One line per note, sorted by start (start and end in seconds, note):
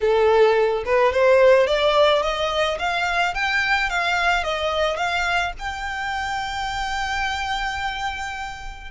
0.01 0.84 A4
0.85 1.12 B4
1.12 1.67 C5
1.67 2.22 D5
2.22 2.78 D#5
2.78 3.34 F5
3.34 3.89 G5
3.89 4.43 F5
4.43 4.96 D#5
4.96 5.52 F5
5.58 8.90 G5